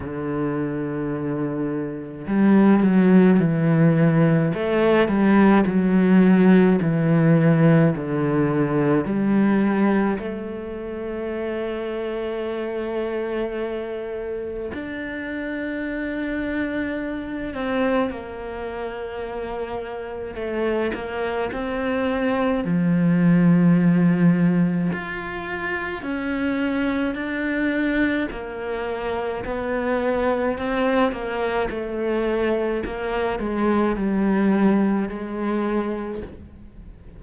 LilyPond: \new Staff \with { instrumentName = "cello" } { \time 4/4 \tempo 4 = 53 d2 g8 fis8 e4 | a8 g8 fis4 e4 d4 | g4 a2.~ | a4 d'2~ d'8 c'8 |
ais2 a8 ais8 c'4 | f2 f'4 cis'4 | d'4 ais4 b4 c'8 ais8 | a4 ais8 gis8 g4 gis4 | }